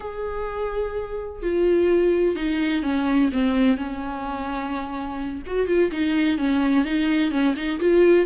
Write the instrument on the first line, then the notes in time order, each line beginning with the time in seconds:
viola
0.00 G#4
1.42 F4
2.35 D#4
2.82 C#4
3.32 C4
3.77 C#4
5.46 F#4
5.67 F4
5.91 D#4
6.38 C#4
6.84 D#4
7.31 C#4
7.56 D#4
7.80 F4